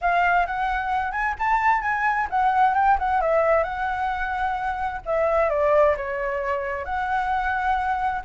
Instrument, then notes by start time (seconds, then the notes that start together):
flute
0.01 F5
0.46 F#5
1.11 G#5
1.38 A5
1.81 G#5
2.30 F#5
2.74 G5
2.99 F#5
3.21 E5
3.63 F#5
5.05 E5
5.49 D5
5.96 C#5
6.84 F#5